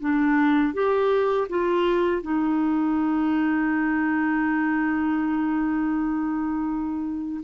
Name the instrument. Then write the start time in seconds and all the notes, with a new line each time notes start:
clarinet
0.00 D4
0.74 G4
1.49 F4
2.23 D#4